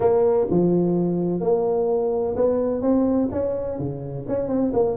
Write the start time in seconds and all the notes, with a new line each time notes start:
0.00 A#3
0.50 F3
1.40 A#3
2.36 B3
2.81 C4
3.31 C#4
3.79 C#3
4.28 C#4
4.48 C4
4.73 A#3